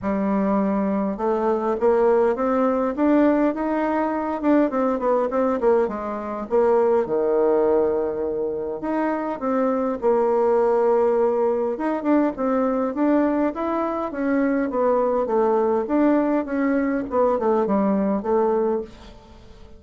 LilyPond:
\new Staff \with { instrumentName = "bassoon" } { \time 4/4 \tempo 4 = 102 g2 a4 ais4 | c'4 d'4 dis'4. d'8 | c'8 b8 c'8 ais8 gis4 ais4 | dis2. dis'4 |
c'4 ais2. | dis'8 d'8 c'4 d'4 e'4 | cis'4 b4 a4 d'4 | cis'4 b8 a8 g4 a4 | }